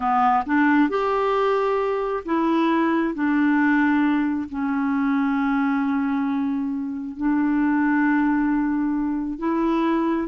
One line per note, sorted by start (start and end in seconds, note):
0.00 0.43 B3
0.46 0.89 D4
0.89 2.23 G4
2.25 3.14 E4
3.14 4.48 D4
4.49 7.16 C#4
7.16 9.38 D4
9.38 10.28 E4